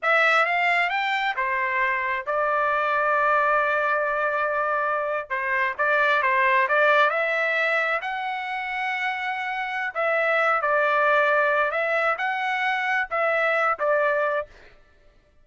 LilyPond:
\new Staff \with { instrumentName = "trumpet" } { \time 4/4 \tempo 4 = 133 e''4 f''4 g''4 c''4~ | c''4 d''2.~ | d''2.~ d''8. c''16~ | c''8. d''4 c''4 d''4 e''16~ |
e''4.~ e''16 fis''2~ fis''16~ | fis''2 e''4. d''8~ | d''2 e''4 fis''4~ | fis''4 e''4. d''4. | }